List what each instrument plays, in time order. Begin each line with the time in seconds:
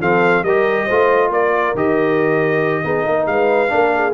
0.00 tuba F3, trombone C4, horn A4, trumpet F5
0.42 tuba G3, trombone G4, horn A#4, trumpet D#5
0.85 tuba A3, trombone F4, horn C5
1.30 tuba A#3, horn A#4, trumpet D5
1.74 tuba D#3, trombone G4, trumpet D#5
2.83 tuba B3, trombone D#4, horn G#4
3.04 tuba A#3, horn A#4
3.26 tuba G#3, horn B4, trumpet F5
3.68 tuba A#3, trombone D4, horn A#4
3.95 horn G#4